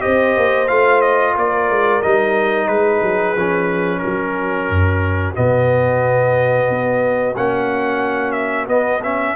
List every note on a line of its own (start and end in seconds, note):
0.00 0.67 G4
0.00 1.35 C5
0.00 0.68 D#5
0.06 0.37 C4
0.37 0.71 A#3
0.68 1.37 A3
0.68 2.03 F4
0.68 1.02 F5
1.02 1.35 D#5
1.35 1.70 A#3
1.35 2.69 A#4
1.35 2.02 D5
1.70 2.04 G#3
2.02 2.68 G3
2.02 3.37 D#4
2.02 2.68 D#5
2.68 3.01 G#3
2.68 4.00 G#4
2.68 3.99 B4
3.03 3.36 F#3
3.36 4.02 F3
3.36 5.35 C#4
3.99 9.33 F#4
3.99 5.33 A#4
4.06 4.70 F#3
4.70 5.37 F#2
5.35 6.70 B2
5.35 7.35 B3
5.35 7.36 D#5
6.70 7.37 B3
7.37 8.67 A#3
7.37 8.68 C#4
7.37 8.32 F#5
8.32 8.66 E5
8.67 9.34 B3
8.67 9.01 B3
8.67 9.02 D#5
9.03 9.36 C#4
9.03 9.36 E5